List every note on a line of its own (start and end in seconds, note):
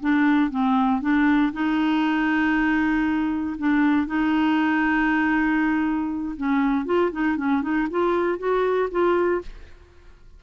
0.00 0.50 D4
0.50 1.01 C4
1.01 1.52 D4
1.53 3.56 D#4
3.58 4.07 D4
4.07 6.36 D#4
6.37 6.85 C#4
6.85 7.11 F4
7.11 7.37 D#4
7.37 7.62 C#4
7.62 7.87 D#4
7.90 8.38 F4
8.38 8.89 F#4
8.91 9.42 F4